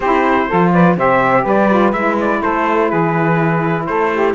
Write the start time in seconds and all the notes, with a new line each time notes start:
0.00 C4 E4 G4 C5
0.48 F3 F4 A4
0.73 B4 D5
0.96 C3 G4 C5 E5
1.43 G3 B4 D5
1.69 F4
1.92 G#3 E4 E5
2.20 D5
2.42 A3 A4 C5
2.88 E3 G#4 B4
3.86 A3 A4 C5
4.12 G4